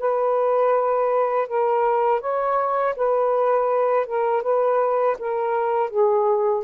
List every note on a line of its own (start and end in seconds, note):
0.00 1.48 B4
1.48 2.21 A#4
2.21 2.95 C#5
2.97 4.06 B4
4.06 4.43 A#4
4.43 5.17 B4
5.19 5.90 A#4
5.90 6.64 G#4